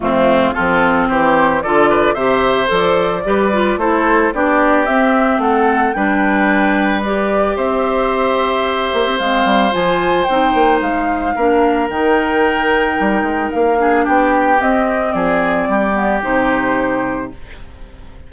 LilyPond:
<<
  \new Staff \with { instrumentName = "flute" } { \time 4/4 \tempo 4 = 111 f'4 a'4 c''4 d''4 | e''4 d''2 c''4 | d''4 e''4 fis''4 g''4~ | g''4 d''4 e''2~ |
e''4 f''4 gis''4 g''4 | f''2 g''2~ | g''4 f''4 g''4 dis''4 | d''2 c''2 | }
  \new Staff \with { instrumentName = "oboe" } { \time 4/4 c'4 f'4 g'4 a'8 b'8 | c''2 b'4 a'4 | g'2 a'4 b'4~ | b'2 c''2~ |
c''1~ | c''4 ais'2.~ | ais'4. gis'8 g'2 | gis'4 g'2. | }
  \new Staff \with { instrumentName = "clarinet" } { \time 4/4 a4 c'2 f'4 | g'4 a'4 g'8 f'8 e'4 | d'4 c'2 d'4~ | d'4 g'2.~ |
g'4 c'4 f'4 dis'4~ | dis'4 d'4 dis'2~ | dis'4. d'4. c'4~ | c'4. b8 dis'2 | }
  \new Staff \with { instrumentName = "bassoon" } { \time 4/4 f,4 f4 e4 d4 | c4 f4 g4 a4 | b4 c'4 a4 g4~ | g2 c'2~ |
c'8 ais16 c'16 gis8 g8 f4 c'8 ais8 | gis4 ais4 dis2 | g8 gis8 ais4 b4 c'4 | f4 g4 c2 | }
>>